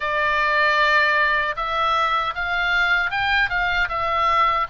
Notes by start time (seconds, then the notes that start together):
0.00 D5
1.56 E5
2.34 F5
3.10 G5
3.49 F5
3.89 E5